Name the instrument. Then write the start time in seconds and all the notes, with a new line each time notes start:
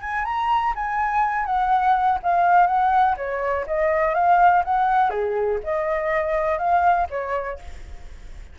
flute
0.00 G#5
0.24 A#5
0.75 G#5
1.45 F#5
2.22 F5
2.67 F#5
3.17 C#5
3.67 D#5
4.14 F5
4.64 F#5
5.10 G#4
5.63 D#5
6.58 F5
7.10 C#5